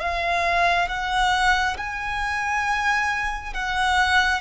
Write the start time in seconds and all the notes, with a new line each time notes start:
0.00 F5
0.89 F#5
1.77 G#5
3.54 F#5